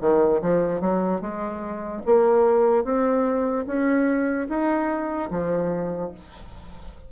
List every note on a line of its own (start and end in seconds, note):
0.00 0.41 D#3
0.41 0.80 F3
0.80 1.21 F#3
1.21 2.02 G#3
2.06 2.84 A#3
2.84 3.65 C4
3.66 4.47 C#4
4.49 5.30 D#4
5.30 6.11 F3